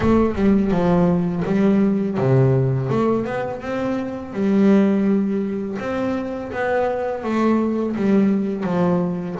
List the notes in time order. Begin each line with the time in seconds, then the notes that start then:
0.00 A3
0.35 G3
0.71 F3
1.45 G3
2.17 C3
2.89 A3
3.25 B3
3.61 C4
4.33 G3
5.79 C4
6.52 B3
7.23 A3
7.96 G3
8.63 F3